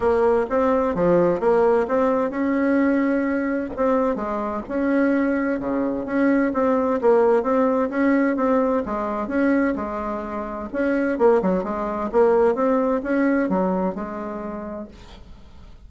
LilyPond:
\new Staff \with { instrumentName = "bassoon" } { \time 4/4 \tempo 4 = 129 ais4 c'4 f4 ais4 | c'4 cis'2. | c'4 gis4 cis'2 | cis4 cis'4 c'4 ais4 |
c'4 cis'4 c'4 gis4 | cis'4 gis2 cis'4 | ais8 fis8 gis4 ais4 c'4 | cis'4 fis4 gis2 | }